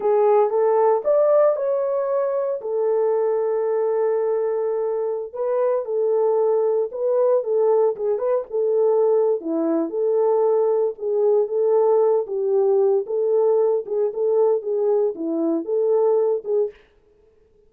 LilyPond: \new Staff \with { instrumentName = "horn" } { \time 4/4 \tempo 4 = 115 gis'4 a'4 d''4 cis''4~ | cis''4 a'2.~ | a'2~ a'16 b'4 a'8.~ | a'4~ a'16 b'4 a'4 gis'8 b'16~ |
b'16 a'4.~ a'16 e'4 a'4~ | a'4 gis'4 a'4. g'8~ | g'4 a'4. gis'8 a'4 | gis'4 e'4 a'4. gis'8 | }